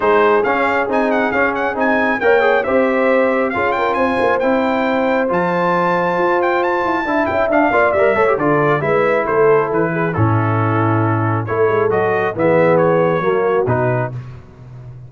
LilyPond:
<<
  \new Staff \with { instrumentName = "trumpet" } { \time 4/4 \tempo 4 = 136 c''4 f''4 gis''8 fis''8 f''8 fis''8 | gis''4 g''4 e''2 | f''8 g''8 gis''4 g''2 | a''2~ a''8 g''8 a''4~ |
a''8 g''8 f''4 e''4 d''4 | e''4 c''4 b'4 a'4~ | a'2 cis''4 dis''4 | e''4 cis''2 b'4 | }
  \new Staff \with { instrumentName = "horn" } { \time 4/4 gis'1~ | gis'4 cis''4 c''2 | gis'8 ais'8 c''2.~ | c''1 |
e''4. d''4 cis''8 a'4 | b'4 a'4. gis'8 e'4~ | e'2 a'2 | gis'2 fis'2 | }
  \new Staff \with { instrumentName = "trombone" } { \time 4/4 dis'4 cis'4 dis'4 cis'4 | dis'4 ais'8 gis'8 g'2 | f'2 e'2 | f'1 |
e'4 d'8 f'8 ais'8 a'16 g'16 f'4 | e'2. cis'4~ | cis'2 e'4 fis'4 | b2 ais4 dis'4 | }
  \new Staff \with { instrumentName = "tuba" } { \time 4/4 gis4 cis'4 c'4 cis'4 | c'4 ais4 c'2 | cis'4 c'8 ais8 c'2 | f2 f'4. e'8 |
d'8 cis'8 d'8 ais8 g8 a8 d4 | gis4 a4 e4 a,4~ | a,2 a8 gis8 fis4 | e2 fis4 b,4 | }
>>